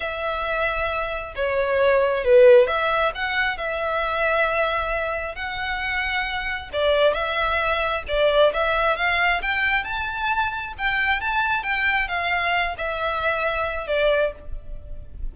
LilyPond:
\new Staff \with { instrumentName = "violin" } { \time 4/4 \tempo 4 = 134 e''2. cis''4~ | cis''4 b'4 e''4 fis''4 | e''1 | fis''2. d''4 |
e''2 d''4 e''4 | f''4 g''4 a''2 | g''4 a''4 g''4 f''4~ | f''8 e''2~ e''8 d''4 | }